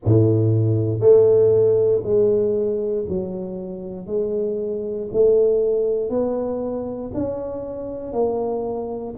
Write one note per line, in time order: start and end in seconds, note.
0.04 0.99 A2
0.99 2.01 A3
2.03 3.05 G#3
3.08 4.06 F#3
4.06 5.08 G#3
5.13 6.09 A3
6.09 7.11 B3
7.14 8.13 C#4
8.13 9.14 A#3